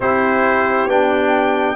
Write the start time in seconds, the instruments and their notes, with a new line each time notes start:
0.00 tuba C4, trombone E4, horn G4, trumpet C5
0.86 tuba B3, trombone D4, trumpet G5